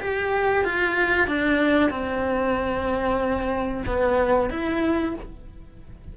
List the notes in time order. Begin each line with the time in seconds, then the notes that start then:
0.00 G4
0.64 F4
1.27 D4
1.90 C4
3.87 B3
4.50 E4